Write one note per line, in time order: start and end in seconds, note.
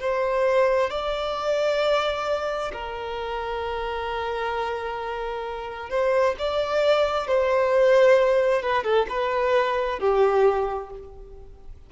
0.00 0.90 C5
0.90 2.72 D5
2.73 5.90 A#4
5.90 6.36 C5
6.39 7.27 D5
7.27 8.62 C5
8.62 8.84 B4
8.84 9.06 A4
9.09 9.99 B4
9.99 10.90 G4